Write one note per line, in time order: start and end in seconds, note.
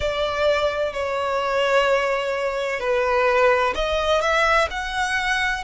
0.00 0.93 D5
0.93 2.80 C#5
2.80 3.73 B4
3.75 4.21 D#5
4.21 4.68 E5
4.70 5.63 F#5